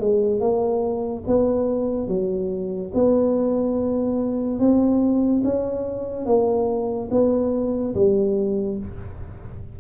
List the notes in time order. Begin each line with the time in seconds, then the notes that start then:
0.00 G#3
0.40 A#3
1.27 B3
2.08 F#3
2.94 B3
4.59 C4
5.44 C#4
6.26 A#3
7.11 B3
7.95 G3